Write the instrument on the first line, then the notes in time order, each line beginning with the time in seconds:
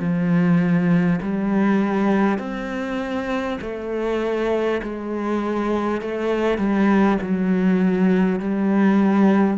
cello
0.00 F3
1.22 G3
2.38 C4
3.61 A3
4.83 G#3
6.02 A3
6.58 G3
7.22 F#3
8.40 G3